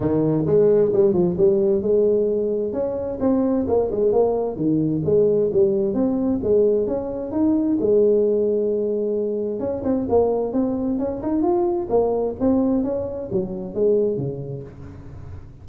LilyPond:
\new Staff \with { instrumentName = "tuba" } { \time 4/4 \tempo 4 = 131 dis4 gis4 g8 f8 g4 | gis2 cis'4 c'4 | ais8 gis8 ais4 dis4 gis4 | g4 c'4 gis4 cis'4 |
dis'4 gis2.~ | gis4 cis'8 c'8 ais4 c'4 | cis'8 dis'8 f'4 ais4 c'4 | cis'4 fis4 gis4 cis4 | }